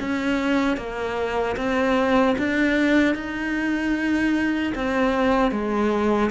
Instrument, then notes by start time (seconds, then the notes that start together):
cello
0.00 C#4
0.77 A#3
1.56 C4
2.38 D4
3.15 D#4
4.75 C4
5.51 G#3